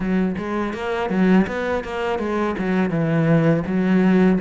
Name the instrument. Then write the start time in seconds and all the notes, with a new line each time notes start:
cello
0.00 F#3
0.37 G#3
0.73 A#3
1.09 F#3
1.47 B3
1.84 A#3
2.18 G#3
2.58 F#3
2.90 E3
3.66 F#3